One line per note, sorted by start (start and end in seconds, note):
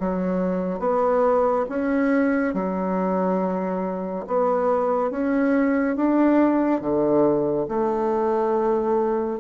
0.00 0.80 F#3
0.80 1.66 B3
1.69 2.54 C#4
2.54 4.25 F#3
4.27 5.11 B3
5.11 5.96 C#4
5.96 6.81 D4
6.81 7.67 D3
7.69 9.40 A3